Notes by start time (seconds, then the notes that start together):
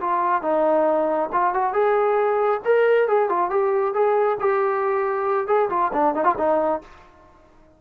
0.00 F4
0.41 D#4
1.32 F4
1.54 F#4
1.73 G#4
2.64 A#4
3.08 G#4
3.29 F4
3.50 G4
3.94 G#4
4.40 G4
5.47 G#4
5.69 F4
5.93 D4
6.15 D#4
6.24 F4
6.37 D#4